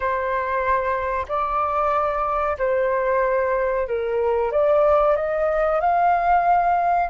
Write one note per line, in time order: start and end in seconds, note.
0.00 1.26 C5
1.28 2.57 D5
2.58 3.87 C5
3.87 4.51 A#4
4.51 5.16 D5
5.16 5.80 D#5
5.80 7.09 F5